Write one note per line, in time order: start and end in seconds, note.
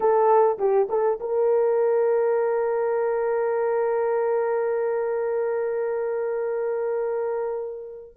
0.00 0.58 A4
0.58 0.87 G4
0.89 1.19 A4
1.20 8.16 A#4